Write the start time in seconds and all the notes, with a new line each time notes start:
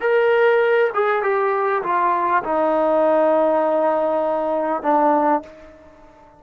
0.00 A#4
0.94 G#4
1.22 G4
1.83 F4
2.43 D#4
4.82 D4